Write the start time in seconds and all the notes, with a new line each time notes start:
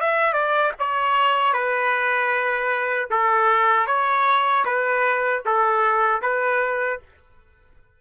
0.00 E5
0.33 D5
0.79 C#5
1.53 B4
3.10 A4
3.87 C#5
4.65 B4
5.45 A4
6.22 B4